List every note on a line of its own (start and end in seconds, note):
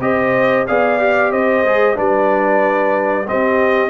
0.00 0.65 C4
0.00 0.67 G4
0.00 0.68 C5
0.00 0.67 D#5
0.67 1.32 B3
0.67 1.00 G#4
0.67 1.32 D5
0.67 1.32 F5
1.00 1.65 G4
1.32 1.64 C4
1.32 1.96 C5
1.32 1.97 D#5
1.64 1.97 G#3
1.64 1.95 G#4
1.95 3.29 G3
1.95 3.26 D4
1.95 3.26 B4
1.95 3.28 D5
3.27 3.90 C4
3.27 3.90 G4
3.27 3.90 D#5